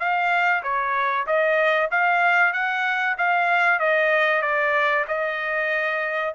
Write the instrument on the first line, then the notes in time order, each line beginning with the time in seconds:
trumpet
0.00 F5
0.63 C#5
1.27 D#5
1.91 F5
2.53 F#5
3.18 F5
3.80 D#5
4.42 D5
5.08 D#5